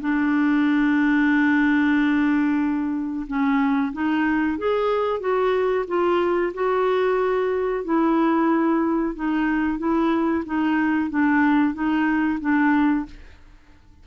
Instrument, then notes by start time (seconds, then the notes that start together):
clarinet
0.00 D4
3.27 C#4
3.92 D#4
4.58 G#4
5.20 F#4
5.87 F4
6.54 F#4
7.84 E4
9.15 D#4
9.78 E4
10.45 D#4
11.10 D4
11.74 D#4
12.40 D4